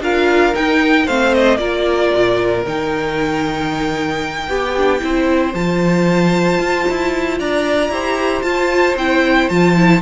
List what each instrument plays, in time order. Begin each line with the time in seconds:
0.00 cello D4, viola F4, violin A#4 F5
0.53 viola D#4, cello D#4, violin G5
1.05 cello A3, viola C4, violin C5 F5
1.33 violin D#5
1.57 cello A#3, viola F4, violin A#4 D5
2.14 cello A#2
2.65 cello D#3, viola D#4, violin G5
4.47 cello B3, violin G4, viola G4
4.77 viola D4
4.99 cello C4, viola E4, violin C5
5.53 cello F3, viola F4, violin A5
6.58 cello F4
6.89 cello E4
7.39 cello D4, violin D5 A#5
7.89 cello E4, viola G4, violin C5
8.42 cello F4, viola F4, violin A5
8.95 cello C4, viola E4, violin G5
9.49 cello F3, viola F4, violin A5
9.75 viola E4